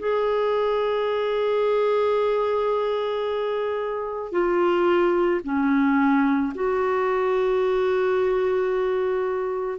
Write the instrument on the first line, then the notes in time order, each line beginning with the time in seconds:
clarinet
0.00 G#4
4.32 F4
5.44 C#4
6.55 F#4